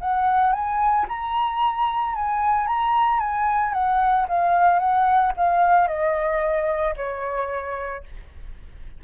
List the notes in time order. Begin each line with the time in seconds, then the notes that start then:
0.00 F#5
0.52 G#5
1.08 A#5
2.15 G#5
2.66 A#5
3.19 G#5
3.73 F#5
4.28 F5
4.79 F#5
5.36 F5
5.87 D#5
6.96 C#5